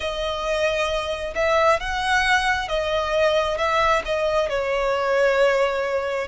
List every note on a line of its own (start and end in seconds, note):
0.00 1.34 D#5
1.35 1.80 E5
1.80 2.68 F#5
2.68 3.57 D#5
3.57 4.02 E5
4.05 4.49 D#5
4.49 6.27 C#5